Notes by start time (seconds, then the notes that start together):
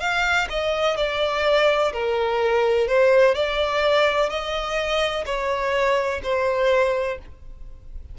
0.00 F5
0.50 D#5
0.97 D5
1.93 A#4
2.87 C5
3.35 D5
4.30 D#5
5.26 C#5
6.23 C5